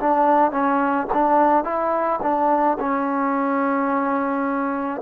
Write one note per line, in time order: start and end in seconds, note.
0.00 0.52 D4
0.52 1.08 C#4
1.14 1.65 D4
1.65 2.20 E4
2.23 2.78 D4
2.80 5.02 C#4